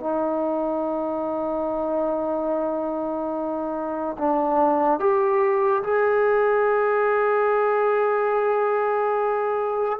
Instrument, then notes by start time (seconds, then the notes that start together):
trombone
0.00 D#4
4.18 D4
5.00 G4
5.83 G#4